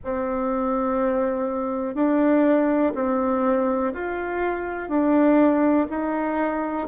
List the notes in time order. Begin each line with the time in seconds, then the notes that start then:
0.04 C4
1.94 D4
2.95 C4
3.93 F4
4.88 D4
5.89 D#4